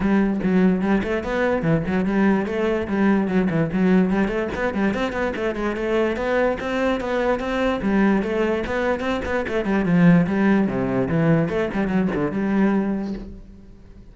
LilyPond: \new Staff \with { instrumentName = "cello" } { \time 4/4 \tempo 4 = 146 g4 fis4 g8 a8 b4 | e8 fis8 g4 a4 g4 | fis8 e8 fis4 g8 a8 b8 g8 | c'8 b8 a8 gis8 a4 b4 |
c'4 b4 c'4 g4 | a4 b4 c'8 b8 a8 g8 | f4 g4 c4 e4 | a8 g8 fis8 d8 g2 | }